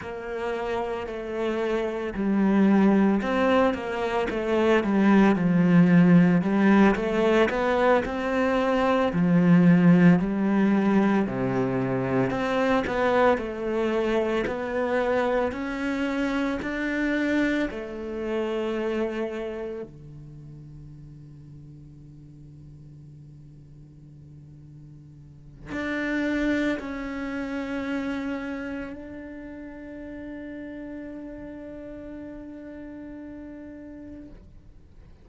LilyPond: \new Staff \with { instrumentName = "cello" } { \time 4/4 \tempo 4 = 56 ais4 a4 g4 c'8 ais8 | a8 g8 f4 g8 a8 b8 c'8~ | c'8 f4 g4 c4 c'8 | b8 a4 b4 cis'4 d'8~ |
d'8 a2 d4.~ | d1 | d'4 cis'2 d'4~ | d'1 | }